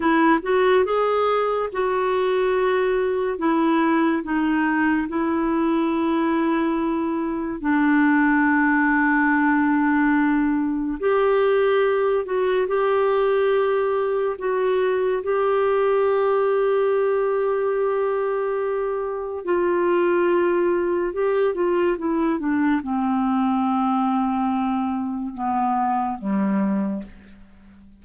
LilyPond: \new Staff \with { instrumentName = "clarinet" } { \time 4/4 \tempo 4 = 71 e'8 fis'8 gis'4 fis'2 | e'4 dis'4 e'2~ | e'4 d'2.~ | d'4 g'4. fis'8 g'4~ |
g'4 fis'4 g'2~ | g'2. f'4~ | f'4 g'8 f'8 e'8 d'8 c'4~ | c'2 b4 g4 | }